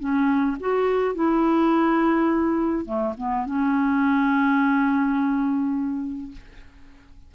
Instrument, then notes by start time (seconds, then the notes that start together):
clarinet
0.00 C#4
0.60 F#4
1.15 E4
2.86 A3
3.18 B3
3.46 C#4